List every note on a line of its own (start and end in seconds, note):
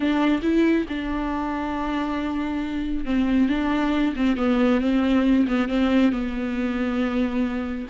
0.00 0.40 D4
0.42 0.86 E4
0.89 3.05 D4
3.05 3.48 C4
3.48 4.14 D4
4.16 4.37 C4
4.37 4.80 B3
4.80 5.46 C4
5.47 5.68 B3
5.68 6.11 C4
6.11 7.87 B3